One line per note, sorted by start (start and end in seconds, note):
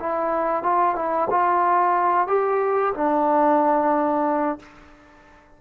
0.00 0.63 E4
0.63 0.95 F4
0.95 1.28 E4
1.30 2.27 F4
2.27 2.93 G4
2.94 4.59 D4